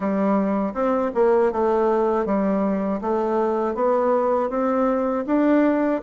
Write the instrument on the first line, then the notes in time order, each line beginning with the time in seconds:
bassoon
0.00 G3
0.73 C4
1.14 A#3
1.52 A3
2.25 G3
3.01 A3
3.75 B3
4.49 C4
5.26 D4